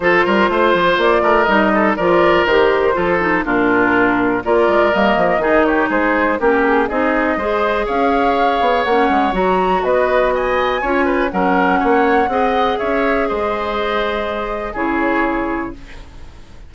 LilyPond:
<<
  \new Staff \with { instrumentName = "flute" } { \time 4/4 \tempo 4 = 122 c''2 d''4 dis''4 | d''4 c''2 ais'4~ | ais'4 d''4 dis''4. cis''8 | c''4 ais'8 gis'8 dis''2 |
f''2 fis''4 ais''4 | dis''4 gis''2 fis''4~ | fis''2 e''4 dis''4~ | dis''2 cis''2 | }
  \new Staff \with { instrumentName = "oboe" } { \time 4/4 a'8 ais'8 c''4. ais'4 a'8 | ais'2 a'4 f'4~ | f'4 ais'2 gis'8 g'8 | gis'4 g'4 gis'4 c''4 |
cis''1 | b'4 dis''4 cis''8 b'8 ais'4 | cis''4 dis''4 cis''4 c''4~ | c''2 gis'2 | }
  \new Staff \with { instrumentName = "clarinet" } { \time 4/4 f'2. dis'4 | f'4 g'4 f'8 dis'8 d'4~ | d'4 f'4 ais4 dis'4~ | dis'4 cis'4 dis'4 gis'4~ |
gis'2 cis'4 fis'4~ | fis'2 f'4 cis'4~ | cis'4 gis'2.~ | gis'2 e'2 | }
  \new Staff \with { instrumentName = "bassoon" } { \time 4/4 f8 g8 a8 f8 ais8 a8 g4 | f4 dis4 f4 ais,4~ | ais,4 ais8 gis8 g8 f8 dis4 | gis4 ais4 c'4 gis4 |
cis'4. b8 ais8 gis8 fis4 | b2 cis'4 fis4 | ais4 c'4 cis'4 gis4~ | gis2 cis2 | }
>>